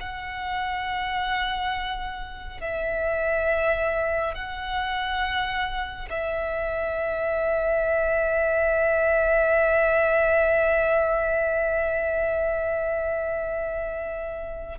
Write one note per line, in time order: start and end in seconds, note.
0.00 2.61 F#5
2.61 4.34 E5
4.34 6.08 F#5
6.09 14.78 E5